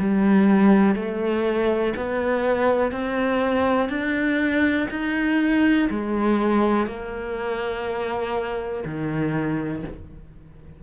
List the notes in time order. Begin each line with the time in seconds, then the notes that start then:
0.00 G3
0.95 A3
1.97 B3
2.92 C4
3.90 D4
4.91 D#4
5.91 G#3
6.87 A#3
8.85 D#3